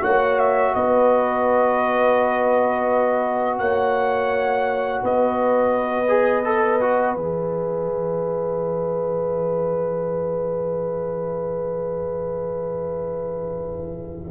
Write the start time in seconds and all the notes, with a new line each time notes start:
0.00 A#3 F#4 C#5 F#5
0.39 E5
0.75 B3 B4 D#5
3.59 A#3 C#5 F#5
5.03 B3 B4 D#5
6.08 G#4
6.45 A4
6.81 F#4
7.14 E3 G#4 E5